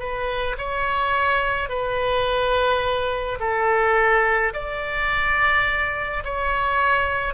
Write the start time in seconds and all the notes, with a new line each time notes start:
0.00 B4
0.58 C#5
1.69 B4
3.40 A4
4.54 D5
6.25 C#5